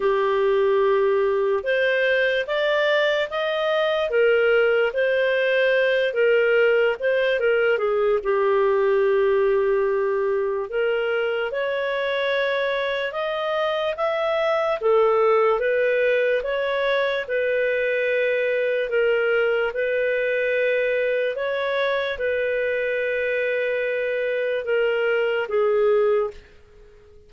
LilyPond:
\new Staff \with { instrumentName = "clarinet" } { \time 4/4 \tempo 4 = 73 g'2 c''4 d''4 | dis''4 ais'4 c''4. ais'8~ | ais'8 c''8 ais'8 gis'8 g'2~ | g'4 ais'4 cis''2 |
dis''4 e''4 a'4 b'4 | cis''4 b'2 ais'4 | b'2 cis''4 b'4~ | b'2 ais'4 gis'4 | }